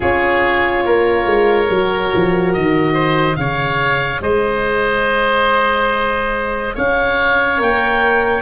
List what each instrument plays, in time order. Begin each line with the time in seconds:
0.00 tuba C#4, horn F4, oboe G#4 C#5
0.85 tuba A#3, oboe A#4
1.26 tuba G#3
1.69 tuba F#3, horn F#4
2.14 tuba F3
2.53 tuba D#3, oboe D#5
2.93 oboe C5
3.36 tuba C#3, horn G#4, oboe C#5 F5
4.21 tuba G#3, oboe C5 D#5
6.74 tuba C#4, oboe C#5 F5
7.57 tuba A#3, horn A#4, oboe G5